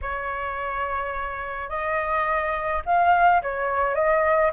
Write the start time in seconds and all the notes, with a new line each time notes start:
0.01 C#5
1.69 D#5
2.85 F5
3.42 C#5
3.94 D#5